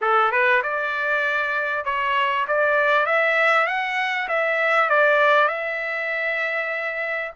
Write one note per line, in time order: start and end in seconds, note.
0.01 0.31 A4
0.31 0.62 B4
0.62 1.85 D5
1.85 2.46 C#5
2.47 3.06 D5
3.06 3.66 E5
3.66 4.27 F#5
4.28 4.89 E5
4.89 5.48 D5
5.48 7.31 E5